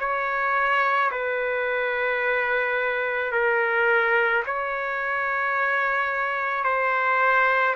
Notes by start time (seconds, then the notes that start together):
0.00 C#5
1.11 B4
3.32 A#4
4.46 C#5
6.64 C5